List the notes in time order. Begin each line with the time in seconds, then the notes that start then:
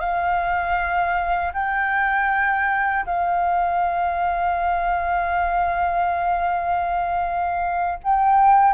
0.00 F5
1.53 G5
3.06 F5
8.03 G5